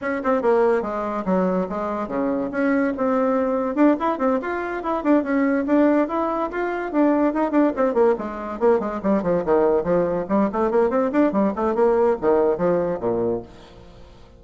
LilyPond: \new Staff \with { instrumentName = "bassoon" } { \time 4/4 \tempo 4 = 143 cis'8 c'8 ais4 gis4 fis4 | gis4 cis4 cis'4 c'4~ | c'4 d'8 e'8 c'8 f'4 e'8 | d'8 cis'4 d'4 e'4 f'8~ |
f'8 d'4 dis'8 d'8 c'8 ais8 gis8~ | gis8 ais8 gis8 g8 f8 dis4 f8~ | f8 g8 a8 ais8 c'8 d'8 g8 a8 | ais4 dis4 f4 ais,4 | }